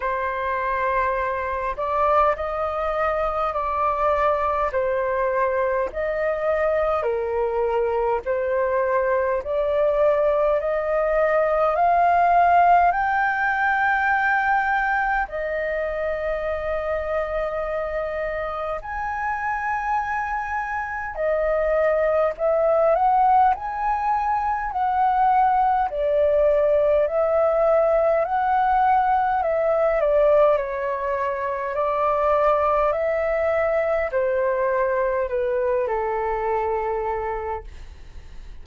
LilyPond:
\new Staff \with { instrumentName = "flute" } { \time 4/4 \tempo 4 = 51 c''4. d''8 dis''4 d''4 | c''4 dis''4 ais'4 c''4 | d''4 dis''4 f''4 g''4~ | g''4 dis''2. |
gis''2 dis''4 e''8 fis''8 | gis''4 fis''4 d''4 e''4 | fis''4 e''8 d''8 cis''4 d''4 | e''4 c''4 b'8 a'4. | }